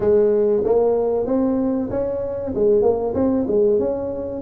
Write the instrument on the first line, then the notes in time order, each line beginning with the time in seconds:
tuba
0.00 G#3
0.64 A#3
1.26 C4
1.90 C#4
2.54 G#3
2.81 A#3
3.14 C4
3.47 G#3
3.79 C#4